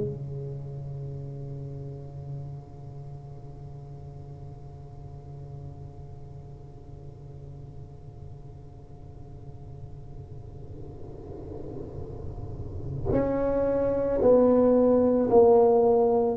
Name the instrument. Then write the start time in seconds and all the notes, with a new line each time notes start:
tuba
0.00 C#3
13.12 C#4
14.22 B3
15.31 A#3